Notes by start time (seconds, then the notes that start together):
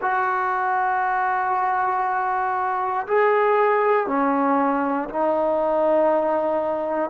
0.01 F#4
3.07 G#4
4.07 C#4
5.08 D#4